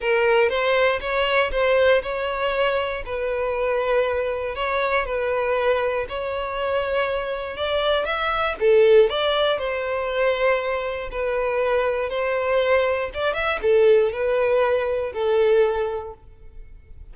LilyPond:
\new Staff \with { instrumentName = "violin" } { \time 4/4 \tempo 4 = 119 ais'4 c''4 cis''4 c''4 | cis''2 b'2~ | b'4 cis''4 b'2 | cis''2. d''4 |
e''4 a'4 d''4 c''4~ | c''2 b'2 | c''2 d''8 e''8 a'4 | b'2 a'2 | }